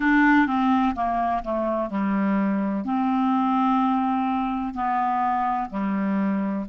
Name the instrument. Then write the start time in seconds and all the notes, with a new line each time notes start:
clarinet
0.00 D4
0.46 C4
0.95 A#3
1.43 A3
1.90 G3
2.84 C4
4.74 B3
5.69 G3